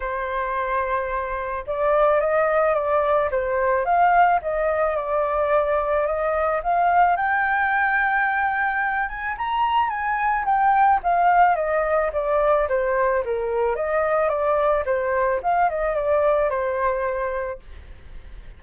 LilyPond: \new Staff \with { instrumentName = "flute" } { \time 4/4 \tempo 4 = 109 c''2. d''4 | dis''4 d''4 c''4 f''4 | dis''4 d''2 dis''4 | f''4 g''2.~ |
g''8 gis''8 ais''4 gis''4 g''4 | f''4 dis''4 d''4 c''4 | ais'4 dis''4 d''4 c''4 | f''8 dis''8 d''4 c''2 | }